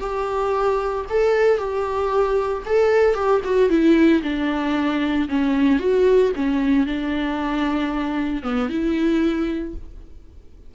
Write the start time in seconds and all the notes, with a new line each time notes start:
0.00 G4
1.10 A4
1.58 G4
2.66 A4
3.15 G4
3.44 F#4
3.69 E4
4.23 D4
5.29 C#4
5.79 F#4
6.36 C#4
6.87 D4
8.43 B3
8.69 E4